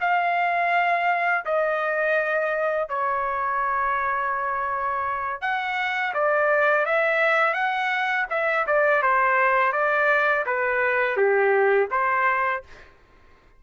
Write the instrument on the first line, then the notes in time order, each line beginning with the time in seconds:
trumpet
0.00 F5
1.45 D#5
2.89 C#5
5.41 F#5
6.14 D5
6.85 E5
7.53 F#5
8.30 E5
8.67 D5
9.02 C5
9.72 D5
10.46 B4
11.17 G4
11.90 C5